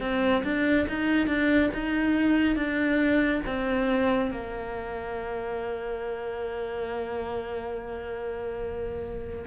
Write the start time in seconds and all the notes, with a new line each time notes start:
0.00 C4
0.44 D4
0.88 D#4
1.27 D4
1.74 D#4
2.56 D4
3.46 C4
4.31 A#3